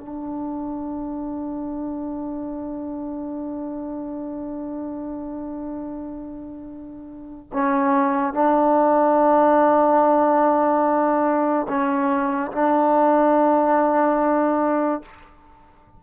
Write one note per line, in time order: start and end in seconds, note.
0.00 7.50 D4
7.53 8.34 C#4
8.34 11.67 D4
11.69 12.52 C#4
12.52 15.02 D4